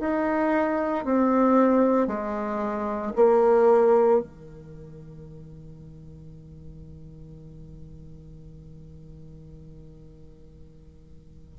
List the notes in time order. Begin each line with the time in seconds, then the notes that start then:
0.00 D#4
1.05 C4
2.07 G#3
3.15 A#3
4.20 D#3